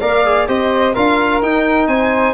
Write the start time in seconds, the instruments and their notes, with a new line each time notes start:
0.00 tuba A#3, trombone A#4, flute D5, violin F5
0.25 trombone G#4
0.47 tuba C4, trombone G4, flute C5, violin D#5
0.93 tuba D4, trombone F4, flute A#4, violin F5
1.42 tuba D#4, trombone D#4, violin G5
1.87 tuba C4, flute C5, violin G#5